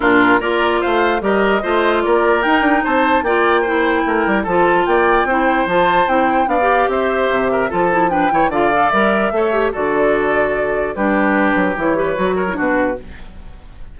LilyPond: <<
  \new Staff \with { instrumentName = "flute" } { \time 4/4 \tempo 4 = 148 ais'4 d''4 f''4 dis''4~ | dis''4 d''4 g''4 a''4 | g''2. a''4 | g''2 a''4 g''4 |
f''4 e''2 a''4 | g''4 f''4 e''2 | d''2. b'4~ | b'4 cis''2 b'4 | }
  \new Staff \with { instrumentName = "oboe" } { \time 4/4 f'4 ais'4 c''4 ais'4 | c''4 ais'2 c''4 | d''4 c''4 ais'4 a'4 | d''4 c''2. |
d''4 c''4. ais'8 a'4 | b'8 cis''8 d''2 cis''4 | a'2. g'4~ | g'4. b'4 ais'8 fis'4 | }
  \new Staff \with { instrumentName = "clarinet" } { \time 4/4 d'4 f'2 g'4 | f'2 dis'2 | f'4 e'2 f'4~ | f'4 e'4 f'4 e'4 |
d'16 g'2~ g'8. f'8 e'8 | d'8 e'8 f'8 a'8 ais'4 a'8 g'8 | fis'2. d'4~ | d'4 e'8 g'8 fis'8. e'16 d'4 | }
  \new Staff \with { instrumentName = "bassoon" } { \time 4/4 ais,4 ais4 a4 g4 | a4 ais4 dis'8 d'8 c'4 | ais2 a8 g8 f4 | ais4 c'4 f4 c'4 |
b4 c'4 c4 f4~ | f8 e8 d4 g4 a4 | d2. g4~ | g8 fis8 e4 fis4 b,4 | }
>>